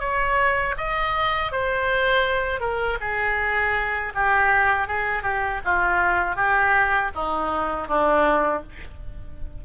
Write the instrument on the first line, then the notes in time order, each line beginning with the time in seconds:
oboe
0.00 C#5
0.78 D#5
1.52 C5
2.60 A#4
3.01 G#4
4.15 G4
4.88 G#4
5.23 G4
5.65 F4
6.36 G4
7.15 D#4
7.88 D4